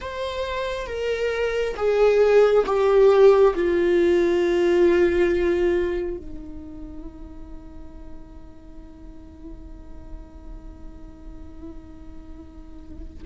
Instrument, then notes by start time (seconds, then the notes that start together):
viola
0.00 C5
0.87 A#4
1.76 G#4
2.66 G4
3.55 F4
6.17 D#4